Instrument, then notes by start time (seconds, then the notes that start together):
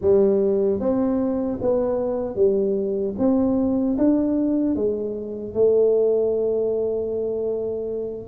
tuba
0.01 G3
0.79 C4
1.61 B3
2.35 G3
3.18 C4
3.98 D4
4.75 G#3
5.54 A3